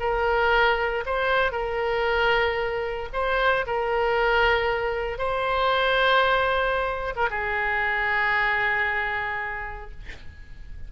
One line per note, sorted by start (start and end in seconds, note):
0.00 1.04 A#4
1.06 1.52 C5
1.52 3.09 A#4
3.13 3.65 C5
3.67 5.19 A#4
5.19 7.14 C5
7.16 7.29 A#4
7.30 9.91 G#4